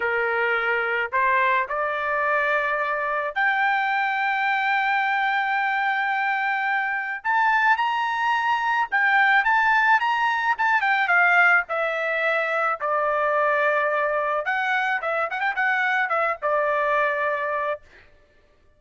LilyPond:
\new Staff \with { instrumentName = "trumpet" } { \time 4/4 \tempo 4 = 108 ais'2 c''4 d''4~ | d''2 g''2~ | g''1~ | g''4 a''4 ais''2 |
g''4 a''4 ais''4 a''8 g''8 | f''4 e''2 d''4~ | d''2 fis''4 e''8 fis''16 g''16 | fis''4 e''8 d''2~ d''8 | }